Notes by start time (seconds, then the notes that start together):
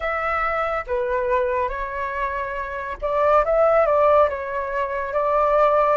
0.00 E5
0.86 B4
1.68 C#5
3.01 D5
3.44 E5
3.86 D5
4.29 C#5
5.13 D5